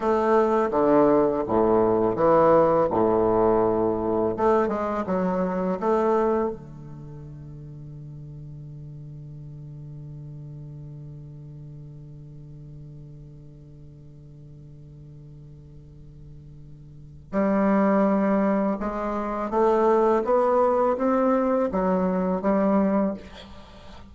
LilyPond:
\new Staff \with { instrumentName = "bassoon" } { \time 4/4 \tempo 4 = 83 a4 d4 a,4 e4 | a,2 a8 gis8 fis4 | a4 d2.~ | d1~ |
d1~ | d1 | g2 gis4 a4 | b4 c'4 fis4 g4 | }